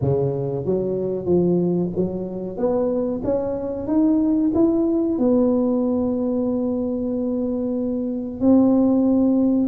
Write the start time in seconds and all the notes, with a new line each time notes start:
0.01 C#3
0.65 F#3
1.25 F3
1.95 F#3
2.57 B3
3.24 C#4
3.87 D#4
4.54 E4
5.18 B3
8.40 C4